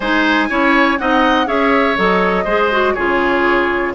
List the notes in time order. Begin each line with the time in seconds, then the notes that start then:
0.00 G#3 D#4 C5 G#5
0.49 C#4 E4 C#5
0.98 C4 D#4 D#5 F#5
1.46 C#4 G#4 C#5 E5
1.96 F#3 A4 D#5
2.44 G#3 G#4 C5
2.71 F#4
2.93 C#3 F4 G#4 C#5